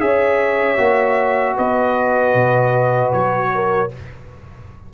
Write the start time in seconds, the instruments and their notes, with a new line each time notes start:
0.00 tuba C#4, trombone G#4, horn C#5, trumpet E5
0.77 tuba A#3, trombone F#4
1.56 tuba B3, horn B4, trumpet D#5
2.34 tuba B2
3.13 tuba F#3, trumpet C#5
3.55 horn A#4